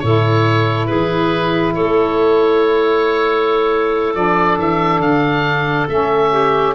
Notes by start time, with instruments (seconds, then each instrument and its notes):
0.00 tuba A2, saxophone E4, clarinet A4, oboe C#5
0.87 tuba E3, clarinet G#4, oboe B4
1.75 tuba A3, clarinet A4, oboe C#5
4.15 tuba F3, saxophone D4, oboe D5
4.59 tuba E3, oboe E5
5.00 tuba D3, oboe F5
5.89 tuba A3, saxophone C#4, oboe E5
6.32 clarinet G4